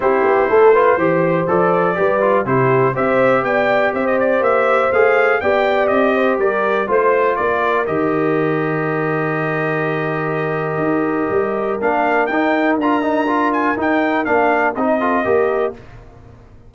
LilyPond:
<<
  \new Staff \with { instrumentName = "trumpet" } { \time 4/4 \tempo 4 = 122 c''2. d''4~ | d''4 c''4 e''4 g''4 | e''16 dis''16 d''8 e''4 f''4 g''4 | dis''4 d''4 c''4 d''4 |
dis''1~ | dis''1 | f''4 g''4 ais''4. gis''8 | g''4 f''4 dis''2 | }
  \new Staff \with { instrumentName = "horn" } { \time 4/4 g'4 a'8 b'8 c''2 | b'4 g'4 c''4 d''4 | c''2. d''4~ | d''8 c''8 ais'4 c''4 ais'4~ |
ais'1~ | ais'1~ | ais'1~ | ais'2~ ais'8 a'8 ais'4 | }
  \new Staff \with { instrumentName = "trombone" } { \time 4/4 e'4. f'8 g'4 a'4 | g'8 f'8 e'4 g'2~ | g'2 gis'4 g'4~ | g'2 f'2 |
g'1~ | g'1 | d'4 dis'4 f'8 dis'8 f'4 | dis'4 d'4 dis'8 f'8 g'4 | }
  \new Staff \with { instrumentName = "tuba" } { \time 4/4 c'8 b8 a4 e4 f4 | g4 c4 c'4 b4 | c'4 ais4 a4 b4 | c'4 g4 a4 ais4 |
dis1~ | dis2 dis'4 g4 | ais4 dis'4 d'2 | dis'4 ais4 c'4 ais4 | }
>>